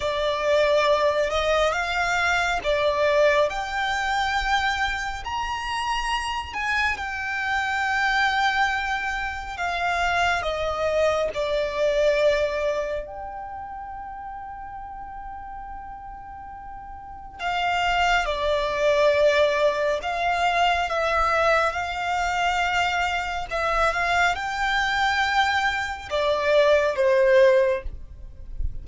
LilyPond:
\new Staff \with { instrumentName = "violin" } { \time 4/4 \tempo 4 = 69 d''4. dis''8 f''4 d''4 | g''2 ais''4. gis''8 | g''2. f''4 | dis''4 d''2 g''4~ |
g''1 | f''4 d''2 f''4 | e''4 f''2 e''8 f''8 | g''2 d''4 c''4 | }